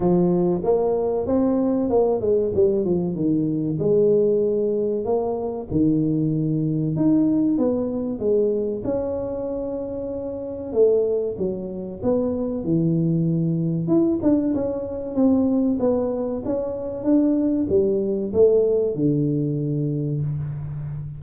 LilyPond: \new Staff \with { instrumentName = "tuba" } { \time 4/4 \tempo 4 = 95 f4 ais4 c'4 ais8 gis8 | g8 f8 dis4 gis2 | ais4 dis2 dis'4 | b4 gis4 cis'2~ |
cis'4 a4 fis4 b4 | e2 e'8 d'8 cis'4 | c'4 b4 cis'4 d'4 | g4 a4 d2 | }